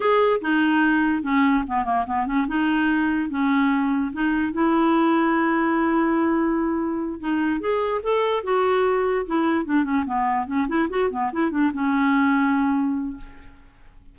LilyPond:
\new Staff \with { instrumentName = "clarinet" } { \time 4/4 \tempo 4 = 146 gis'4 dis'2 cis'4 | b8 ais8 b8 cis'8 dis'2 | cis'2 dis'4 e'4~ | e'1~ |
e'4. dis'4 gis'4 a'8~ | a'8 fis'2 e'4 d'8 | cis'8 b4 cis'8 e'8 fis'8 b8 e'8 | d'8 cis'2.~ cis'8 | }